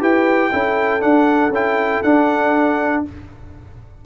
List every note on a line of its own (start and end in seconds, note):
0.00 0.52 E4
0.00 0.50 G4
0.00 0.51 B4
0.00 1.02 G5
0.52 1.03 C#4
0.52 1.01 E4
0.52 3.05 A4
1.01 1.51 D4
1.01 1.50 D4
1.01 1.52 F#5
1.50 2.00 C#4
1.50 2.05 E4
1.50 2.03 G5
2.03 3.05 D4
2.03 3.06 D4
2.03 3.04 F#5